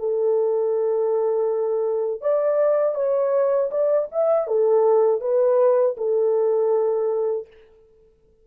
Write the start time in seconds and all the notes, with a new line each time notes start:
0.00 A4
2.22 D5
2.96 C#5
3.71 D5
4.12 E5
4.48 A4
5.22 B4
5.98 A4